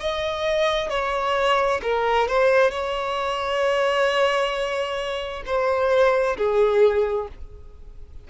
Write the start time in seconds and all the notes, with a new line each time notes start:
0.00 D#5
0.90 C#5
1.82 A#4
2.28 C5
2.70 C#5
5.46 C5
6.37 G#4